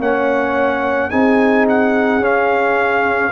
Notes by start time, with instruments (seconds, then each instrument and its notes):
0.00 tuba A#3, trombone C#4, horn C#5, trumpet F#5
1.10 tuba C4, trombone D#4, horn G#4, trumpet G#5
1.69 trumpet F#5
2.19 tuba C#4, trombone C#4, trumpet F5